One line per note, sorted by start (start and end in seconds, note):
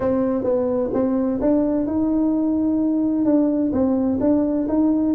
0.00 0.43 C4
0.43 0.90 B3
0.93 1.40 C4
1.40 1.86 D4
1.86 3.25 D#4
3.25 3.71 D4
3.72 4.18 C4
4.20 4.67 D4
4.68 5.14 D#4